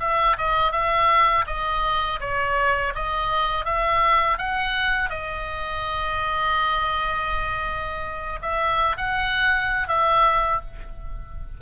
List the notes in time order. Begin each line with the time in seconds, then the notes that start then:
0.00 E5
0.38 D#5
0.72 E5
1.47 D#5
2.20 C#5
2.95 D#5
3.65 E5
4.38 F#5
5.10 D#5
8.42 E5
8.97 F#5
9.88 E5